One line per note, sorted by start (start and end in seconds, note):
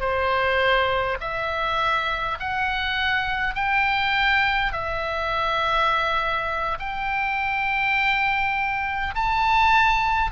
0.00 1.18 C5
1.20 2.38 E5
2.40 3.55 F#5
3.55 4.72 G5
4.72 6.78 E5
6.79 9.14 G5
9.14 10.32 A5